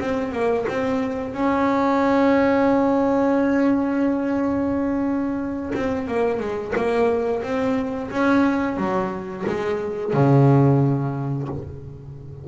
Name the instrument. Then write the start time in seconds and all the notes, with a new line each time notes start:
double bass
0.00 C4
0.32 A#3
0.68 C4
1.34 C#4
5.75 C4
6.07 A#3
6.40 G#3
6.76 A#3
7.43 C4
8.11 C#4
8.77 F#3
9.47 G#3
10.14 C#3